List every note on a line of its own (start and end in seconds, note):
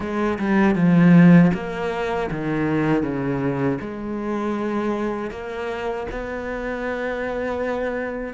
0.00 0.38 G#3
0.38 0.75 G3
0.75 1.51 F3
1.54 2.30 A#3
2.30 3.02 D#3
3.02 3.78 C#3
3.80 5.30 G#3
5.30 6.06 A#3
6.11 8.33 B3